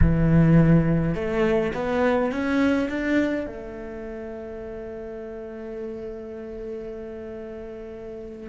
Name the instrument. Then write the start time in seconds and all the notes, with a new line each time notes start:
cello
0.01 E3
1.15 A3
1.74 B3
2.32 C#4
2.89 D4
3.46 A3